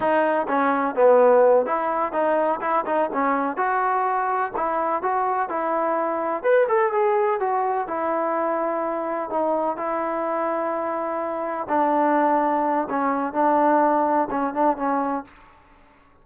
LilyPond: \new Staff \with { instrumentName = "trombone" } { \time 4/4 \tempo 4 = 126 dis'4 cis'4 b4. e'8~ | e'8 dis'4 e'8 dis'8 cis'4 fis'8~ | fis'4. e'4 fis'4 e'8~ | e'4. b'8 a'8 gis'4 fis'8~ |
fis'8 e'2. dis'8~ | dis'8 e'2.~ e'8~ | e'8 d'2~ d'8 cis'4 | d'2 cis'8 d'8 cis'4 | }